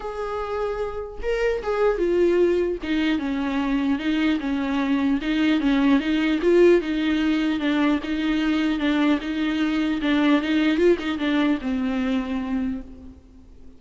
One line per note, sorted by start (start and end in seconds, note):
0.00 1.19 G#4
1.22 1.62 A#4
1.62 1.97 G#4
1.97 2.77 F4
2.82 3.19 D#4
3.19 3.99 C#4
3.99 4.39 D#4
4.40 5.20 C#4
5.21 5.60 D#4
5.60 5.99 C#4
5.99 6.39 D#4
6.41 6.81 F4
6.81 7.59 D#4
7.59 7.99 D4
8.03 8.79 D#4
8.79 9.19 D4
9.21 10.01 D#4
10.01 10.41 D4
10.41 10.77 D#4
10.77 10.97 F4
10.98 11.18 D#4
11.18 11.58 D4
11.61 12.81 C4